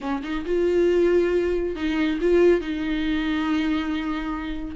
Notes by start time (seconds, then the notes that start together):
0.00 C#4
0.23 D#4
0.45 F4
1.75 D#4
2.21 F4
2.60 D#4